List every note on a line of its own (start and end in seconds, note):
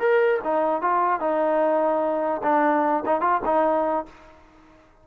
0.00 0.41 A#4
0.45 0.82 D#4
0.82 1.21 F4
1.21 2.42 D#4
2.43 3.04 D4
3.06 3.21 D#4
3.21 3.41 F4
3.45 4.06 D#4